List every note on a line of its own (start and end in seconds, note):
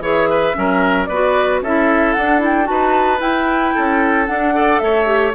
0.00 0.53 E3
0.00 0.54 G#4
0.00 0.29 C#5
0.00 1.06 E5
0.30 0.56 B4
0.54 1.09 F#3
0.54 1.07 C#4
0.54 1.09 A#4
1.06 1.62 B3
1.06 1.62 B4
1.06 1.59 D5
1.13 1.65 F#4
1.62 2.15 C#4
1.62 2.18 E4
1.62 2.69 A4
1.62 2.13 E5
2.13 2.70 D4
2.13 2.39 D4
2.13 2.40 F#5
2.39 2.64 E4
2.45 2.67 G5
2.64 3.20 D#4
2.64 3.17 F#4
2.64 3.75 B4
2.64 3.20 A5
3.20 3.73 E4
3.20 4.27 E4
3.20 4.27 G5
3.75 4.29 C#4
3.75 4.54 A4
4.27 4.54 D4
4.27 4.81 D4
4.27 4.78 F#5
4.54 5.06 A4
4.54 4.82 D5
4.78 5.34 A3
4.78 5.35 C#5
4.78 5.32 E5
5.06 5.32 G4